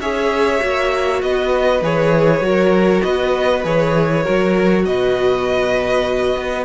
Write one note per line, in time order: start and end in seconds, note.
0.00 0.61 C#4
0.00 0.60 G#4
0.00 1.21 C#5
0.00 1.22 E5
0.60 1.22 A#3
0.60 1.81 F#4
1.22 1.82 B3
1.22 2.45 B4
1.22 1.83 D#5
1.82 2.41 E3
1.82 2.41 G#4
1.82 3.02 C#5
2.41 3.01 F#3
2.41 3.62 F#4
2.41 3.05 A#4
3.02 3.64 B3
3.02 4.23 B4
3.02 3.62 D#5
3.64 4.25 E3
3.64 4.24 G#4
3.64 4.85 C#5
4.23 4.86 F#3
4.23 6.64 F#4
4.23 4.84 A#4
4.85 6.36 B2
4.85 6.64 B4
4.85 6.64 D#5
6.36 6.64 B3